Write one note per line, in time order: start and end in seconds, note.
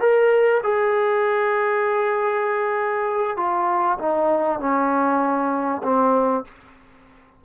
0.00 0.61 A#4
0.63 3.37 G#4
3.37 3.98 F4
3.99 4.59 D#4
4.59 5.82 C#4
5.83 6.44 C4